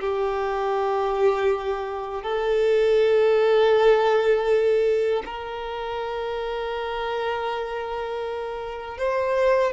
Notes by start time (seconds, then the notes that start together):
0.00 G4
2.23 A4
5.26 A#4
8.98 C5